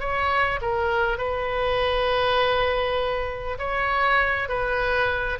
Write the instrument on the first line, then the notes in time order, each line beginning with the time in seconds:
oboe
0.00 C#5
0.62 A#4
1.18 B4
3.59 C#5
4.49 B4